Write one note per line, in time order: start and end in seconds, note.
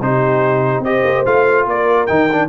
0.00 0.80 C3
0.00 0.85 D#4
0.00 0.84 G4
0.00 0.84 C5
0.80 1.01 C4
0.80 1.26 G4
0.80 1.66 C5
0.80 1.25 D#5
1.04 1.25 A#3
1.26 1.66 A3
1.26 2.08 F4
1.26 1.67 F5
1.66 2.08 A#3
1.66 2.49 A#4
1.66 2.07 D5
2.07 2.49 D#3
2.07 2.29 D#4
2.07 2.48 G5
2.32 2.49 D4